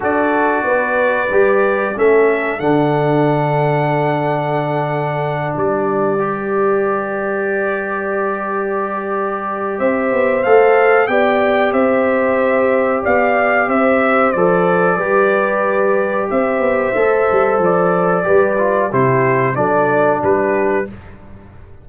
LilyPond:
<<
  \new Staff \with { instrumentName = "trumpet" } { \time 4/4 \tempo 4 = 92 d''2. e''4 | fis''1~ | fis''8 d''2.~ d''8~ | d''2. e''4 |
f''4 g''4 e''2 | f''4 e''4 d''2~ | d''4 e''2 d''4~ | d''4 c''4 d''4 b'4 | }
  \new Staff \with { instrumentName = "horn" } { \time 4/4 a'4 b'2 a'4~ | a'1~ | a'8 b'2.~ b'8~ | b'2. c''4~ |
c''4 d''4 c''2 | d''4 c''2 b'4~ | b'4 c''2. | b'4 g'4 a'4 g'4 | }
  \new Staff \with { instrumentName = "trombone" } { \time 4/4 fis'2 g'4 cis'4 | d'1~ | d'4. g'2~ g'8~ | g'1 |
a'4 g'2.~ | g'2 a'4 g'4~ | g'2 a'2 | g'8 f'8 e'4 d'2 | }
  \new Staff \with { instrumentName = "tuba" } { \time 4/4 d'4 b4 g4 a4 | d1~ | d8 g2.~ g8~ | g2. c'8 b8 |
a4 b4 c'2 | b4 c'4 f4 g4~ | g4 c'8 b8 a8 g8 f4 | g4 c4 fis4 g4 | }
>>